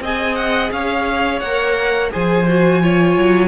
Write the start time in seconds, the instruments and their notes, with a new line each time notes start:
0.00 cello C4, viola G#4, violin D#5 G#5
0.35 violin F#5
0.71 cello C#4, violin C#5 F5
1.40 cello A#3, viola A#4, violin F#5
2.11 cello F3, viola G#4, violin C5 G#5
2.48 viola F#4
2.82 viola F4, violin C#5
3.17 cello F#3